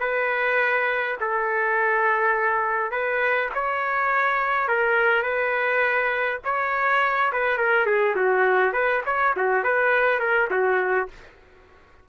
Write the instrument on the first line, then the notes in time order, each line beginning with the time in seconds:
trumpet
0.00 B4
1.20 A4
2.91 B4
3.54 C#5
4.68 A#4
5.23 B4
6.44 C#5
7.32 B4
7.57 A#4
7.86 G#4
8.16 F#4
8.72 B4
9.06 C#5
9.36 F#4
9.64 B4
10.20 A#4
10.50 F#4